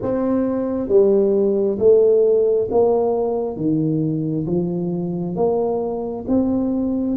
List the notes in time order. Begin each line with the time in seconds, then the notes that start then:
0.02 C4
0.88 G3
1.79 A3
2.71 A#3
3.56 D#3
4.46 F3
5.35 A#3
6.27 C4